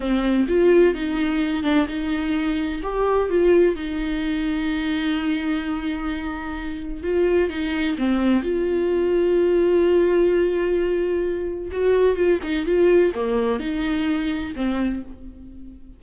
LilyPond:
\new Staff \with { instrumentName = "viola" } { \time 4/4 \tempo 4 = 128 c'4 f'4 dis'4. d'8 | dis'2 g'4 f'4 | dis'1~ | dis'2. f'4 |
dis'4 c'4 f'2~ | f'1~ | f'4 fis'4 f'8 dis'8 f'4 | ais4 dis'2 c'4 | }